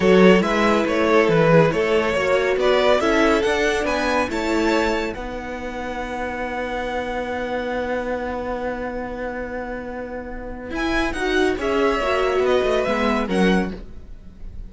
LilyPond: <<
  \new Staff \with { instrumentName = "violin" } { \time 4/4 \tempo 4 = 140 cis''4 e''4 cis''4 b'4 | cis''2 d''4 e''4 | fis''4 gis''4 a''2 | fis''1~ |
fis''1~ | fis''1~ | fis''4 gis''4 fis''4 e''4~ | e''4 dis''4 e''4 fis''4 | }
  \new Staff \with { instrumentName = "violin" } { \time 4/4 a'4 b'4. a'4 gis'8 | a'4 cis''4 b'4 a'4~ | a'4 b'4 cis''2 | b'1~ |
b'1~ | b'1~ | b'2. cis''4~ | cis''4 b'2 ais'4 | }
  \new Staff \with { instrumentName = "viola" } { \time 4/4 fis'4 e'2.~ | e'4 fis'2 e'4 | d'2 e'2 | dis'1~ |
dis'1~ | dis'1~ | dis'4 e'4 fis'4 gis'4 | fis'2 b4 cis'4 | }
  \new Staff \with { instrumentName = "cello" } { \time 4/4 fis4 gis4 a4 e4 | a4 ais4 b4 cis'4 | d'4 b4 a2 | b1~ |
b1~ | b1~ | b4 e'4 dis'4 cis'4 | ais4 b8 a8 gis4 fis4 | }
>>